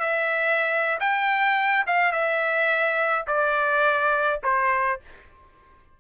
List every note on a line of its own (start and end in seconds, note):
0.00 0.99 E5
1.00 1.85 G5
1.87 2.12 F5
2.12 3.25 E5
3.27 4.40 D5
4.44 5.00 C5